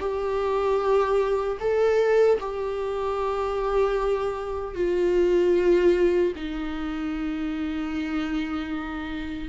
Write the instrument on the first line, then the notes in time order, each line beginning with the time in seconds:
viola
0.00 G4
1.60 A4
2.40 G4
4.75 F4
6.36 D#4